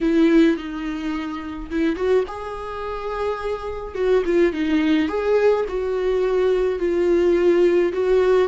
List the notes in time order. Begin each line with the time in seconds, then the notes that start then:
0.00 E4
0.56 D#4
1.70 E4
1.95 F#4
2.27 G#4
3.94 F#4
4.25 F4
4.53 D#4
5.08 G#4
5.68 F#4
6.79 F4
7.92 F#4